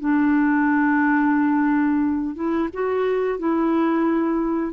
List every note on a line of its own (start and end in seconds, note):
0.00 2.35 D4
2.35 2.69 E4
2.73 3.39 F#4
3.39 4.73 E4